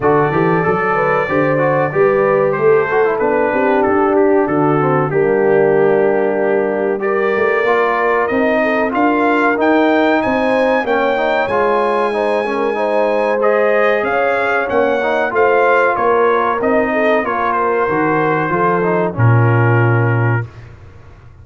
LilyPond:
<<
  \new Staff \with { instrumentName = "trumpet" } { \time 4/4 \tempo 4 = 94 d''1 | c''4 b'4 a'8 g'8 a'4 | g'2. d''4~ | d''4 dis''4 f''4 g''4 |
gis''4 g''4 gis''2~ | gis''4 dis''4 f''4 fis''4 | f''4 cis''4 dis''4 cis''8 c''8~ | c''2 ais'2 | }
  \new Staff \with { instrumentName = "horn" } { \time 4/4 a'4. b'8 c''4 b'4 | a'4. g'4. fis'4 | d'2. ais'4~ | ais'4. a'8 ais'2 |
c''4 cis''2 c''8 ais'8 | c''2 cis''2 | c''4 ais'4. a'8 ais'4~ | ais'4 a'4 f'2 | }
  \new Staff \with { instrumentName = "trombone" } { \time 4/4 fis'8 g'8 a'4 g'8 fis'8 g'4~ | g'8 fis'16 e'16 d'2~ d'8 c'8 | ais2. g'4 | f'4 dis'4 f'4 dis'4~ |
dis'4 cis'8 dis'8 f'4 dis'8 cis'8 | dis'4 gis'2 cis'8 dis'8 | f'2 dis'4 f'4 | fis'4 f'8 dis'8 cis'2 | }
  \new Staff \with { instrumentName = "tuba" } { \time 4/4 d8 e8 fis4 d4 g4 | a4 b8 c'8 d'4 d4 | g2.~ g8 a8 | ais4 c'4 d'4 dis'4 |
c'4 ais4 gis2~ | gis2 cis'4 ais4 | a4 ais4 c'4 ais4 | dis4 f4 ais,2 | }
>>